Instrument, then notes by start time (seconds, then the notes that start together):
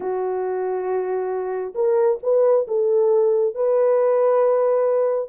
horn
0.00 F#4
1.74 A#4
2.22 B4
2.67 A4
3.54 B4